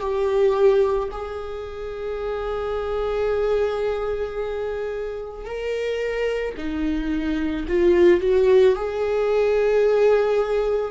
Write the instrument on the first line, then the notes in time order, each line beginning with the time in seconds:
viola
0.00 G4
1.11 G#4
5.45 A#4
6.57 D#4
7.68 F4
8.21 F#4
8.75 G#4